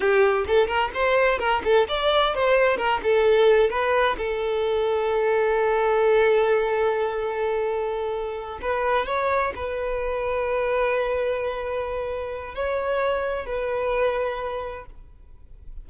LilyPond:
\new Staff \with { instrumentName = "violin" } { \time 4/4 \tempo 4 = 129 g'4 a'8 ais'8 c''4 ais'8 a'8 | d''4 c''4 ais'8 a'4. | b'4 a'2.~ | a'1~ |
a'2~ a'8 b'4 cis''8~ | cis''8 b'2.~ b'8~ | b'2. cis''4~ | cis''4 b'2. | }